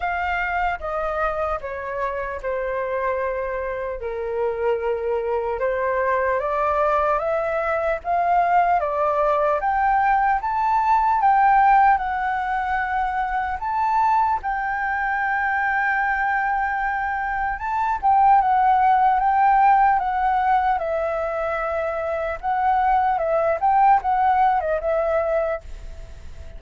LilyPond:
\new Staff \with { instrumentName = "flute" } { \time 4/4 \tempo 4 = 75 f''4 dis''4 cis''4 c''4~ | c''4 ais'2 c''4 | d''4 e''4 f''4 d''4 | g''4 a''4 g''4 fis''4~ |
fis''4 a''4 g''2~ | g''2 a''8 g''8 fis''4 | g''4 fis''4 e''2 | fis''4 e''8 g''8 fis''8. dis''16 e''4 | }